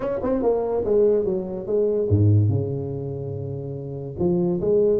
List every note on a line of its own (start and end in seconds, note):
0.00 0.19 C#4
0.22 0.42 C4
0.42 0.84 A#3
0.84 1.25 G#3
1.25 1.66 F#3
1.66 2.08 G#3
2.09 2.49 G#2
2.49 4.15 C#3
4.19 4.60 F3
4.60 4.99 G#3